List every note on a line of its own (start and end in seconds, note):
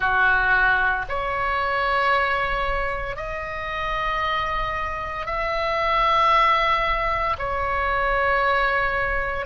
0.00 1.05 F#4
1.08 3.16 C#5
3.16 5.25 D#5
5.25 7.36 E5
7.38 9.45 C#5